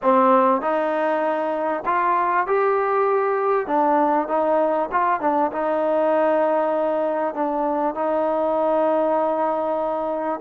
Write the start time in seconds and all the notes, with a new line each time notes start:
0.02 C4
0.61 D#4
1.85 F4
2.46 G4
3.67 D4
4.27 D#4
4.91 F4
5.20 D4
5.52 D#4
7.34 D4
7.95 D#4